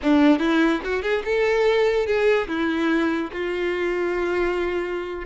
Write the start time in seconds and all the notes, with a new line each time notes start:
0.02 D4
0.39 E4
0.84 F#4
1.02 G#4
1.24 A4
2.06 G#4
2.48 E4
3.32 F4